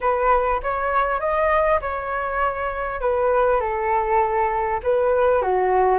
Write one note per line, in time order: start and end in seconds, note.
0.01 0.61 B4
0.62 1.20 C#5
1.20 1.80 D#5
1.81 3.01 C#5
3.01 3.60 B4
3.60 4.80 A4
4.83 5.42 B4
5.42 5.98 F#4